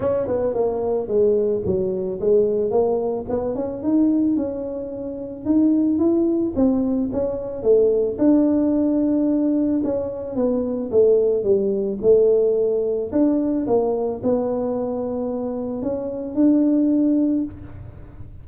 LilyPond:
\new Staff \with { instrumentName = "tuba" } { \time 4/4 \tempo 4 = 110 cis'8 b8 ais4 gis4 fis4 | gis4 ais4 b8 cis'8 dis'4 | cis'2 dis'4 e'4 | c'4 cis'4 a4 d'4~ |
d'2 cis'4 b4 | a4 g4 a2 | d'4 ais4 b2~ | b4 cis'4 d'2 | }